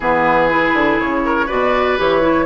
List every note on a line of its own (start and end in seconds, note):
0.00 0.73 E3
0.00 0.49 B3
0.00 1.20 G#4
0.00 1.00 B4
0.49 1.48 E4
0.73 0.98 D3
0.99 1.49 C#3
0.99 1.48 C#5
1.25 1.45 A#4
1.45 1.98 B2
1.45 1.97 F#4
1.45 2.45 B4
1.45 1.97 D5
1.97 2.46 E3
1.97 2.21 G4
1.97 2.46 C#5
2.21 2.46 E4